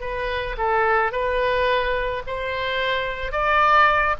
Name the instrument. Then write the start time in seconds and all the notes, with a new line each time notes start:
oboe
0.00 B4
0.57 A4
1.12 B4
2.27 C5
3.32 D5